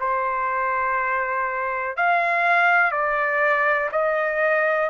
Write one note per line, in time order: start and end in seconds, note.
0.00 1.97 C5
1.97 2.92 F5
2.92 3.90 D5
3.92 4.90 D#5